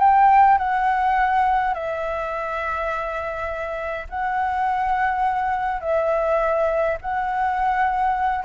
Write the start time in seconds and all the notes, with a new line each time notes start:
0.00 G5
0.58 F#5
1.74 E5
4.10 F#5
5.81 E5
7.01 F#5